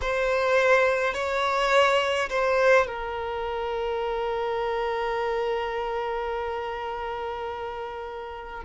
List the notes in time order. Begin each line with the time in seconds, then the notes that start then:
0.01 C5
1.14 C#5
2.29 C5
2.86 A#4